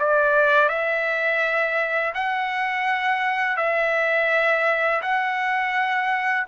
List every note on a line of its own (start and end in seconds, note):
0.00 0.69 D5
0.69 2.14 E5
2.15 3.57 F#5
3.57 5.02 E5
5.02 6.47 F#5